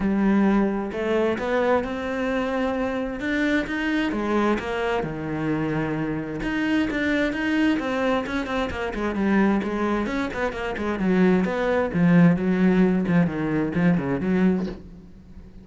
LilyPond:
\new Staff \with { instrumentName = "cello" } { \time 4/4 \tempo 4 = 131 g2 a4 b4 | c'2. d'4 | dis'4 gis4 ais4 dis4~ | dis2 dis'4 d'4 |
dis'4 c'4 cis'8 c'8 ais8 gis8 | g4 gis4 cis'8 b8 ais8 gis8 | fis4 b4 f4 fis4~ | fis8 f8 dis4 f8 cis8 fis4 | }